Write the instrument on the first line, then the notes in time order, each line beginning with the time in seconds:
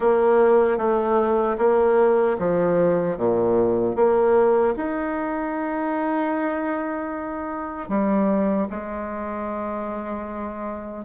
bassoon
0.00 A#3
0.77 A3
1.58 A#3
2.38 F3
3.17 A#2
3.95 A#3
4.76 D#4
7.88 G3
8.69 G#3